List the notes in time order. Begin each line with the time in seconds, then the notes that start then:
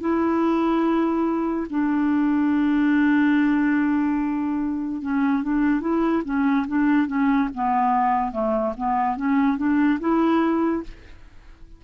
0.00 E4
1.69 D4
5.02 C#4
5.42 D4
5.80 E4
6.24 C#4
6.67 D4
7.07 C#4
7.54 B3
8.31 A3
8.77 B3
9.16 C#4
9.57 D4
9.99 E4